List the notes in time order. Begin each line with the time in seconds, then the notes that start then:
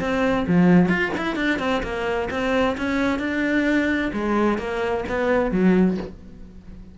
0.00 C4
0.47 F3
0.89 F4
1.18 E4
1.36 D4
1.59 C4
1.83 A#3
2.31 C4
2.78 C#4
3.19 D4
4.13 G#3
4.58 A#3
5.09 B3
5.52 F#3